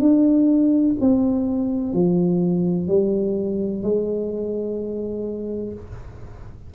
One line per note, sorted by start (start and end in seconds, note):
0.00 0.95 D4
1.00 1.93 C4
1.93 2.88 F3
2.88 3.83 G3
3.83 5.73 G#3